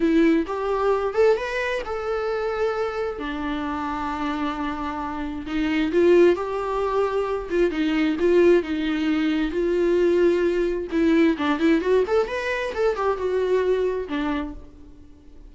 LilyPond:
\new Staff \with { instrumentName = "viola" } { \time 4/4 \tempo 4 = 132 e'4 g'4. a'8 b'4 | a'2. d'4~ | d'1 | dis'4 f'4 g'2~ |
g'8 f'8 dis'4 f'4 dis'4~ | dis'4 f'2. | e'4 d'8 e'8 fis'8 a'8 b'4 | a'8 g'8 fis'2 d'4 | }